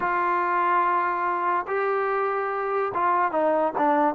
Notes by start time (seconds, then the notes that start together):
0.00 F4
1.67 G4
2.93 F4
3.31 D#4
3.77 D4